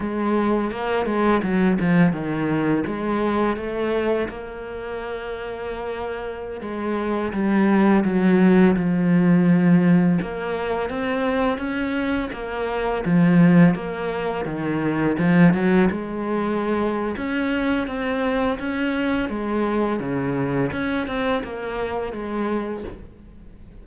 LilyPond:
\new Staff \with { instrumentName = "cello" } { \time 4/4 \tempo 4 = 84 gis4 ais8 gis8 fis8 f8 dis4 | gis4 a4 ais2~ | ais4~ ais16 gis4 g4 fis8.~ | fis16 f2 ais4 c'8.~ |
c'16 cis'4 ais4 f4 ais8.~ | ais16 dis4 f8 fis8 gis4.~ gis16 | cis'4 c'4 cis'4 gis4 | cis4 cis'8 c'8 ais4 gis4 | }